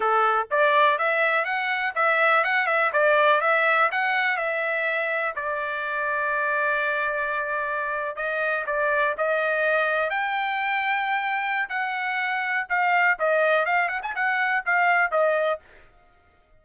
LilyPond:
\new Staff \with { instrumentName = "trumpet" } { \time 4/4 \tempo 4 = 123 a'4 d''4 e''4 fis''4 | e''4 fis''8 e''8 d''4 e''4 | fis''4 e''2 d''4~ | d''1~ |
d''8. dis''4 d''4 dis''4~ dis''16~ | dis''8. g''2.~ g''16 | fis''2 f''4 dis''4 | f''8 fis''16 gis''16 fis''4 f''4 dis''4 | }